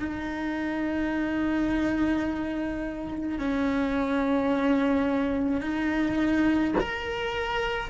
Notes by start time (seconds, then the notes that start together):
0.00 D#4
3.39 C#4
5.61 D#4
6.80 A#4